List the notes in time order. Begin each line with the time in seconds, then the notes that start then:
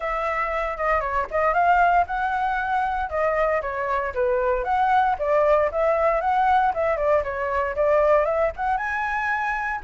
0.00 E5
0.77 D#5
1.00 C#5
1.30 D#5
1.53 F5
2.06 F#5
3.09 D#5
3.61 C#5
4.14 B4
4.64 F#5
5.19 D5
5.71 E5
6.21 F#5
6.74 E5
6.96 D5
7.23 C#5
7.75 D5
8.25 E5
8.56 F#5
8.77 G#5